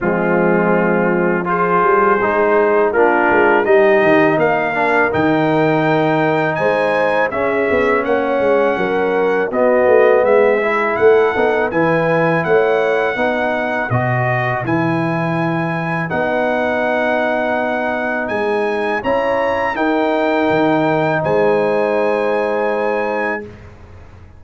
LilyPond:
<<
  \new Staff \with { instrumentName = "trumpet" } { \time 4/4 \tempo 4 = 82 f'2 c''2 | ais'4 dis''4 f''4 g''4~ | g''4 gis''4 e''4 fis''4~ | fis''4 dis''4 e''4 fis''4 |
gis''4 fis''2 dis''4 | gis''2 fis''2~ | fis''4 gis''4 ais''4 g''4~ | g''4 gis''2. | }
  \new Staff \with { instrumentName = "horn" } { \time 4/4 c'2 gis'2 | f'4 g'4 ais'2~ | ais'4 c''4 gis'4 cis''4 | ais'4 fis'4 gis'4 a'4 |
b'4 cis''4 b'2~ | b'1~ | b'2 cis''4 ais'4~ | ais'4 c''2. | }
  \new Staff \with { instrumentName = "trombone" } { \time 4/4 gis2 f'4 dis'4 | d'4 dis'4. d'8 dis'4~ | dis'2 cis'2~ | cis'4 b4. e'4 dis'8 |
e'2 dis'4 fis'4 | e'2 dis'2~ | dis'2 e'4 dis'4~ | dis'1 | }
  \new Staff \with { instrumentName = "tuba" } { \time 4/4 f2~ f8 g8 gis4 | ais8 gis8 g8 dis8 ais4 dis4~ | dis4 gis4 cis'8 b8 ais8 gis8 | fis4 b8 a8 gis4 a8 b8 |
e4 a4 b4 b,4 | e2 b2~ | b4 gis4 cis'4 dis'4 | dis4 gis2. | }
>>